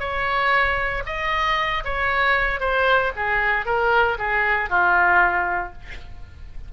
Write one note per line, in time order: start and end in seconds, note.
0.00 1.03 C#5
1.06 1.84 D#5
1.85 2.60 C#5
2.60 3.12 C5
3.16 3.66 G#4
3.66 4.18 A#4
4.18 4.70 G#4
4.70 5.73 F4